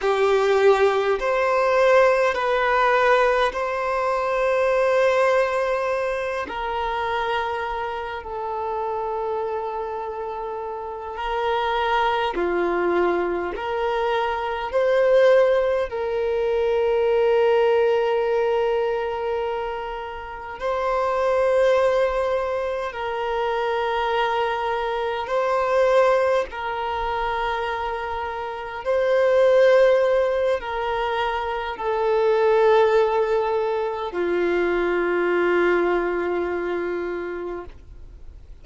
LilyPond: \new Staff \with { instrumentName = "violin" } { \time 4/4 \tempo 4 = 51 g'4 c''4 b'4 c''4~ | c''4. ais'4. a'4~ | a'4. ais'4 f'4 ais'8~ | ais'8 c''4 ais'2~ ais'8~ |
ais'4. c''2 ais'8~ | ais'4. c''4 ais'4.~ | ais'8 c''4. ais'4 a'4~ | a'4 f'2. | }